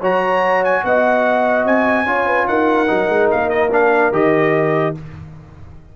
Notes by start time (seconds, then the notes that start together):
0.00 F#3 F#4 C#5 A#5
0.64 G#5
0.83 B3 D#5 F#5
1.65 C4 G#5
2.06 C#4 F4 C#5
2.26 B4
2.47 D#4 A#4 F#5
2.87 F#3 D#4
3.09 G#3
3.31 A#3 F5
3.49 D#5
3.71 D4 F5
4.11 D#3 G4 D#5